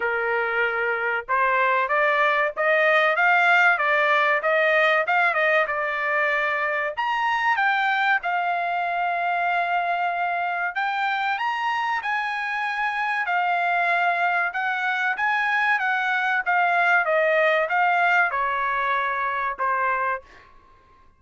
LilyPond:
\new Staff \with { instrumentName = "trumpet" } { \time 4/4 \tempo 4 = 95 ais'2 c''4 d''4 | dis''4 f''4 d''4 dis''4 | f''8 dis''8 d''2 ais''4 | g''4 f''2.~ |
f''4 g''4 ais''4 gis''4~ | gis''4 f''2 fis''4 | gis''4 fis''4 f''4 dis''4 | f''4 cis''2 c''4 | }